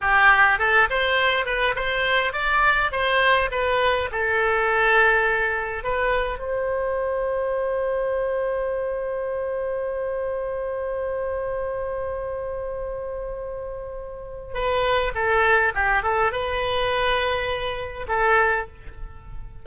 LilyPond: \new Staff \with { instrumentName = "oboe" } { \time 4/4 \tempo 4 = 103 g'4 a'8 c''4 b'8 c''4 | d''4 c''4 b'4 a'4~ | a'2 b'4 c''4~ | c''1~ |
c''1~ | c''1~ | c''4 b'4 a'4 g'8 a'8 | b'2. a'4 | }